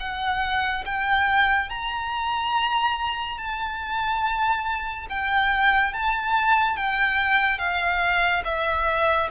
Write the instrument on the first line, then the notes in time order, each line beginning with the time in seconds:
violin
0.00 F#5
0.86 G5
1.70 A#5
3.38 A5
5.10 G5
5.94 A5
6.77 G5
7.59 F5
8.45 E5